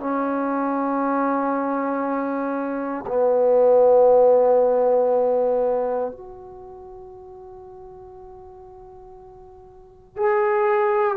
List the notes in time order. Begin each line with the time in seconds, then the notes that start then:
0.00 C#4
3.07 B3
6.12 F#4
10.17 G#4